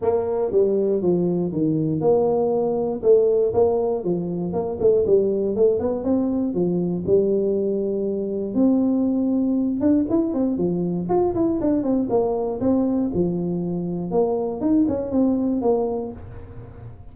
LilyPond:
\new Staff \with { instrumentName = "tuba" } { \time 4/4 \tempo 4 = 119 ais4 g4 f4 dis4 | ais2 a4 ais4 | f4 ais8 a8 g4 a8 b8 | c'4 f4 g2~ |
g4 c'2~ c'8 d'8 | e'8 c'8 f4 f'8 e'8 d'8 c'8 | ais4 c'4 f2 | ais4 dis'8 cis'8 c'4 ais4 | }